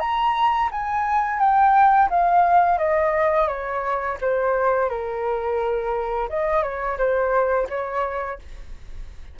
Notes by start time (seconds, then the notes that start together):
0.00 A#5
0.72 G#5
1.40 G5
2.10 F5
2.78 D#5
3.48 C#5
4.21 C5
4.90 A#4
6.29 D#5
6.63 C#5
6.98 C5
7.70 C#5